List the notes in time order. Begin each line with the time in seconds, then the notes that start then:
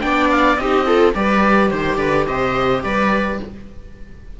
0.00 B3 D4 D5 G5
0.31 F5
0.56 C4 D#4 G4 D#5
0.86 F4 A4
1.14 G3 G4 B4 D5
1.70 D#3 C5
1.96 D3 B4 D5
2.27 C3 C5 D#5
2.83 G3 B4 D5